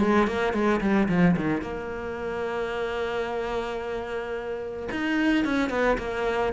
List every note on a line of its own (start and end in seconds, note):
0.00 0.27 G#3
0.28 0.53 A#3
0.53 0.81 G#3
0.81 1.08 G3
1.09 1.36 F3
1.36 1.62 D#3
1.62 4.89 A#3
4.91 5.45 D#4
5.45 5.70 C#4
5.70 5.97 B3
5.98 6.53 A#3